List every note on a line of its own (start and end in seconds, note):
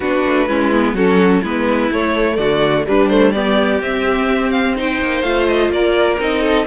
0.00 0.23 B3
0.00 0.48 D4
0.00 0.48 F#4
0.00 0.95 B4
0.25 0.48 A3
0.48 0.94 G#3
0.48 0.72 C#4
0.48 0.95 E4
0.72 0.95 B3
0.94 1.41 F#3
0.94 1.43 C#4
0.94 1.41 F#4
0.94 1.43 A4
1.41 1.90 G#3
1.41 1.91 B3
1.41 2.37 E4
1.41 1.92 B4
1.90 2.37 A3
1.90 2.86 A3
1.90 2.36 C#5
2.36 2.85 D3
2.36 2.86 F#4
2.36 2.84 D5
2.86 3.09 G3
2.86 3.81 G3
2.86 3.34 D4
2.86 3.08 B4
3.08 3.33 A3
3.08 3.32 C5
3.32 3.81 B3
3.32 4.76 G4
3.32 3.79 D5
3.81 5.00 C4
3.81 4.76 C4
3.81 4.51 E5
4.51 4.75 F5
4.76 5.23 D#4
4.76 5.71 C5
4.76 5.22 G5
5.01 5.22 A#3
5.22 5.69 A3
5.22 6.18 F4
5.22 5.46 F5
5.47 5.71 D#5
5.69 6.17 A#3
5.69 6.41 A#4
5.69 6.20 D5
6.19 6.66 C4
6.19 6.66 D#4
6.19 6.66 D#5
6.41 6.65 A4